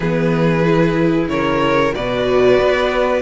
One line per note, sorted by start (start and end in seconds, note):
0.00 1.28 E3
0.00 0.64 B3
0.00 1.29 G#4
0.00 1.28 B4
0.64 1.92 E4
1.28 1.92 C#3
1.28 1.95 A#4
1.28 1.93 C#5
1.92 2.58 B2
1.92 3.21 F#4
1.92 3.21 B4
1.92 3.21 D5
2.58 3.21 B3